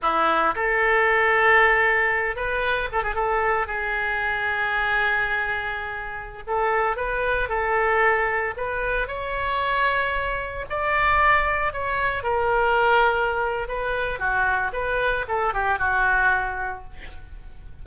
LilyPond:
\new Staff \with { instrumentName = "oboe" } { \time 4/4 \tempo 4 = 114 e'4 a'2.~ | a'8 b'4 a'16 gis'16 a'4 gis'4~ | gis'1~ | gis'16 a'4 b'4 a'4.~ a'16~ |
a'16 b'4 cis''2~ cis''8.~ | cis''16 d''2 cis''4 ais'8.~ | ais'2 b'4 fis'4 | b'4 a'8 g'8 fis'2 | }